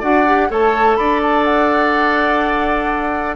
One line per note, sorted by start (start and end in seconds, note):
0.00 0.50 D4
0.00 0.26 F#4
0.00 0.48 D5
0.00 0.50 F#5
0.27 0.50 G4
0.50 0.98 A3
0.50 3.37 A4
0.50 0.98 C#5
0.50 0.96 A5
0.96 3.37 D4
0.96 3.37 D5
0.96 1.20 B5
1.22 1.44 A5
1.44 3.36 F#5